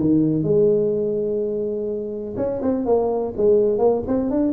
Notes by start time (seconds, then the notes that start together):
0.00 D#3
0.43 G#3
2.37 C#4
2.62 C4
2.86 A#3
3.37 G#3
3.78 A#3
4.07 C4
4.31 D4